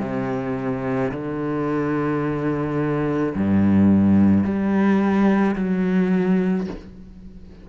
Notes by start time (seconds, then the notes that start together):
0.00 C3
1.12 D3
3.35 G2
4.44 G3
5.56 F#3